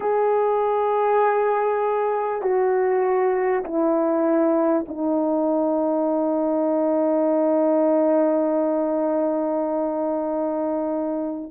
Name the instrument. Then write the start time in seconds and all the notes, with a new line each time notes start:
horn
0.00 G#4
2.42 F#4
3.64 E4
4.88 D#4